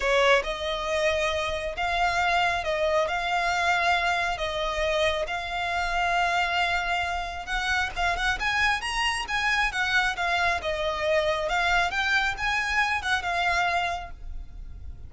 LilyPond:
\new Staff \with { instrumentName = "violin" } { \time 4/4 \tempo 4 = 136 cis''4 dis''2. | f''2 dis''4 f''4~ | f''2 dis''2 | f''1~ |
f''4 fis''4 f''8 fis''8 gis''4 | ais''4 gis''4 fis''4 f''4 | dis''2 f''4 g''4 | gis''4. fis''8 f''2 | }